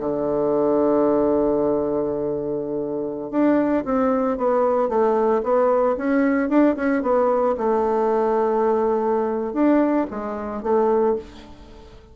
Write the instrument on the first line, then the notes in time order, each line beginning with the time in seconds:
bassoon
0.00 D3
3.31 D4
3.85 C4
4.38 B3
4.89 A3
5.44 B3
5.98 C#4
6.49 D4
6.77 C#4
7.03 B3
7.58 A3
9.54 D4
10.11 G#3
10.63 A3